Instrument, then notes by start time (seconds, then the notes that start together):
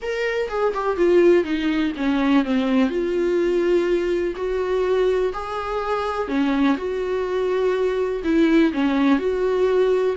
viola
0.02 A#4
0.48 G#4
0.74 G4
0.96 F4
1.44 D#4
1.96 C#4
2.44 C4
2.89 F4
4.35 F#4
5.33 G#4
6.27 C#4
6.77 F#4
8.24 E4
8.73 C#4
9.18 F#4